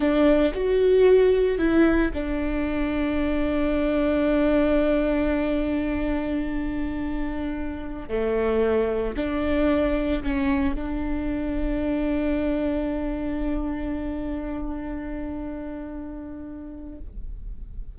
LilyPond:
\new Staff \with { instrumentName = "viola" } { \time 4/4 \tempo 4 = 113 d'4 fis'2 e'4 | d'1~ | d'1~ | d'2.~ d'16 a8.~ |
a4~ a16 d'2 cis'8.~ | cis'16 d'2.~ d'8.~ | d'1~ | d'1 | }